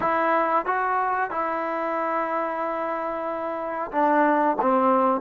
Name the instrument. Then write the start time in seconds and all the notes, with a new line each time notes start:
trombone
0.00 E4
0.65 F#4
1.30 E4
3.91 D4
4.61 C4